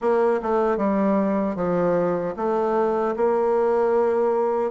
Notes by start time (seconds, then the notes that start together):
0.01 A#3
0.42 A3
0.77 G3
1.55 F3
2.36 A3
3.16 A#3